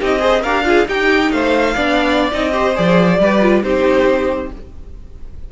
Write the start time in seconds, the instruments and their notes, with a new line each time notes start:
0.00 cello C4, viola D#4, violin G4 D#5
0.19 viola G#4, violin C5
0.41 cello D4, viola G4, violin A#4 F5
0.64 viola F4, violin G#4
0.87 viola D#4, cello D#4, violin G4 G5
1.31 cello A3, violin C5 F5
1.75 cello B3, viola D4, violin D5
2.31 cello C4, viola D#4, violin D#5
2.52 viola G4, violin C5
2.75 cello F3, viola G#4, violin D5
3.19 cello G3, viola G4, violin B4
3.41 viola F4
3.62 cello C4, viola D#4, violin G4 C5